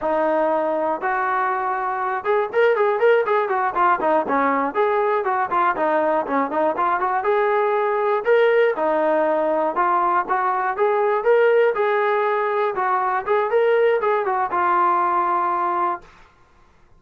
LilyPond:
\new Staff \with { instrumentName = "trombone" } { \time 4/4 \tempo 4 = 120 dis'2 fis'2~ | fis'8 gis'8 ais'8 gis'8 ais'8 gis'8 fis'8 f'8 | dis'8 cis'4 gis'4 fis'8 f'8 dis'8~ | dis'8 cis'8 dis'8 f'8 fis'8 gis'4.~ |
gis'8 ais'4 dis'2 f'8~ | f'8 fis'4 gis'4 ais'4 gis'8~ | gis'4. fis'4 gis'8 ais'4 | gis'8 fis'8 f'2. | }